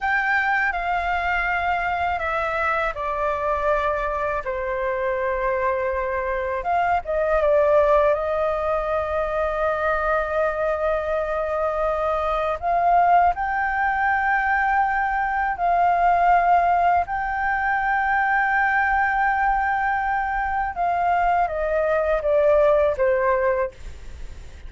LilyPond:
\new Staff \with { instrumentName = "flute" } { \time 4/4 \tempo 4 = 81 g''4 f''2 e''4 | d''2 c''2~ | c''4 f''8 dis''8 d''4 dis''4~ | dis''1~ |
dis''4 f''4 g''2~ | g''4 f''2 g''4~ | g''1 | f''4 dis''4 d''4 c''4 | }